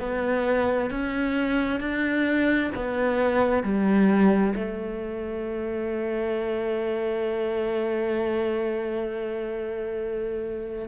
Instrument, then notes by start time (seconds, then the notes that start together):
cello
0.00 B3
0.90 C#4
1.80 D4
2.76 B3
3.63 G3
4.55 A3